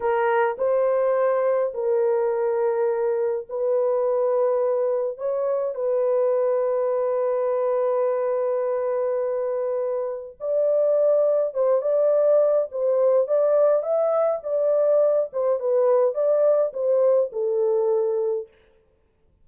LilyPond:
\new Staff \with { instrumentName = "horn" } { \time 4/4 \tempo 4 = 104 ais'4 c''2 ais'4~ | ais'2 b'2~ | b'4 cis''4 b'2~ | b'1~ |
b'2 d''2 | c''8 d''4. c''4 d''4 | e''4 d''4. c''8 b'4 | d''4 c''4 a'2 | }